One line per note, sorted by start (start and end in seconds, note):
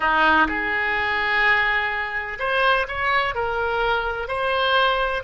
0.00 0.47 D#4
0.48 2.38 G#4
2.39 2.86 C5
2.87 3.34 C#5
3.34 4.28 A#4
4.28 5.23 C5